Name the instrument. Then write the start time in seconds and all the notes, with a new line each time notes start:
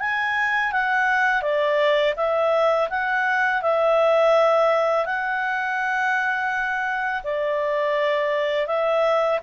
clarinet
0.00 G#5
0.72 F#5
1.42 D5
2.17 E5
2.90 F#5
3.62 E5
5.06 F#5
7.24 D5
8.67 E5